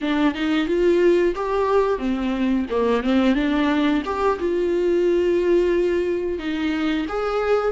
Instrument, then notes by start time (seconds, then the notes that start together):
viola
0.01 D4
0.34 D#4
0.67 F4
1.35 G4
1.98 C4
2.70 A#3
3.03 C4
3.34 D4
4.04 G4
4.39 F4
6.38 D#4
7.08 G#4